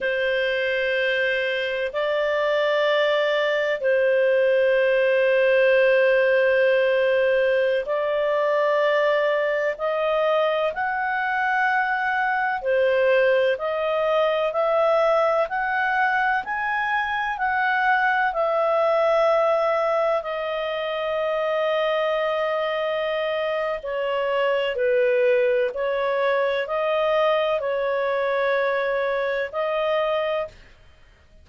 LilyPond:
\new Staff \with { instrumentName = "clarinet" } { \time 4/4 \tempo 4 = 63 c''2 d''2 | c''1~ | c''16 d''2 dis''4 fis''8.~ | fis''4~ fis''16 c''4 dis''4 e''8.~ |
e''16 fis''4 gis''4 fis''4 e''8.~ | e''4~ e''16 dis''2~ dis''8.~ | dis''4 cis''4 b'4 cis''4 | dis''4 cis''2 dis''4 | }